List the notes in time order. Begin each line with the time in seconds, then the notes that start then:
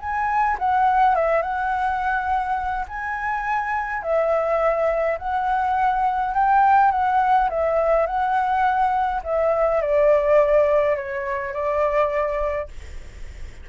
0.00 G#5
0.59 F#5
1.15 E5
1.42 F#5
2.88 G#5
4.03 E5
5.19 F#5
6.35 G5
6.92 F#5
7.50 E5
8.07 F#5
9.24 E5
9.82 D5
10.97 C#5
11.54 D5